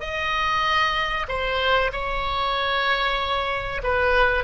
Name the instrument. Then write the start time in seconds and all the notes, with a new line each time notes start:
oboe
0.00 D#5
1.28 C5
1.92 C#5
3.83 B4